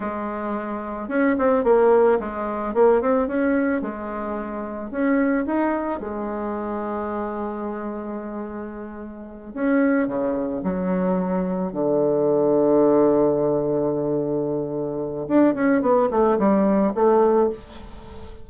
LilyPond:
\new Staff \with { instrumentName = "bassoon" } { \time 4/4 \tempo 4 = 110 gis2 cis'8 c'8 ais4 | gis4 ais8 c'8 cis'4 gis4~ | gis4 cis'4 dis'4 gis4~ | gis1~ |
gis4. cis'4 cis4 fis8~ | fis4. d2~ d8~ | d1 | d'8 cis'8 b8 a8 g4 a4 | }